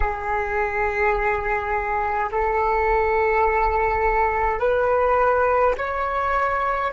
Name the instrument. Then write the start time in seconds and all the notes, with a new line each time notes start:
flute
0.00 G#4
2.31 A4
4.59 B4
5.77 C#5